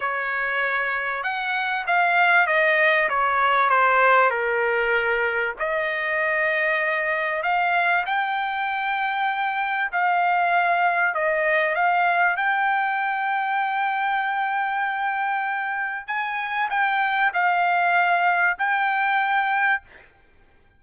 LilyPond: \new Staff \with { instrumentName = "trumpet" } { \time 4/4 \tempo 4 = 97 cis''2 fis''4 f''4 | dis''4 cis''4 c''4 ais'4~ | ais'4 dis''2. | f''4 g''2. |
f''2 dis''4 f''4 | g''1~ | g''2 gis''4 g''4 | f''2 g''2 | }